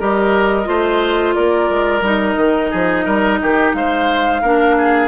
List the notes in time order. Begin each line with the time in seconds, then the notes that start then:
0.00 G3 G4 A#4 D#5
0.64 A3 F4 C5
1.35 A#3 A#4 D5
1.70 G#3
2.02 G3 D#4 D#5
2.37 D#3
2.71 F3 G#4
3.05 G3 A#4
3.42 D#3 G4
3.73 G#3 C5 F5
4.42 A#3 D4 A#4
4.78 G#4